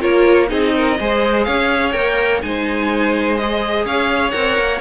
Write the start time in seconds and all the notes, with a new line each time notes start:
0.00 A#3 F4 A#4 C#5
0.48 C4 D#4 G#4 D#5
0.76 A#4
1.00 G#3 G#4 C5
1.45 C#4 C#5 F5
1.93 A#3 A#4 G5
2.42 G#3 D#4 C5 G#5
3.37 G#4 D#5
3.85 C#4 C#5 F5
4.31 C4 A#4 F#5
4.59 A#3